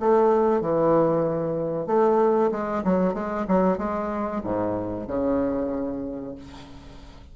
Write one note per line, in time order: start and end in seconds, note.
0.00 0.61 A3
0.61 1.87 E3
1.87 2.51 A3
2.51 2.83 G#3
2.84 3.14 F#3
3.14 3.46 G#3
3.48 3.78 F#3
3.78 4.42 G#3
4.44 5.07 G#2
5.07 6.35 C#3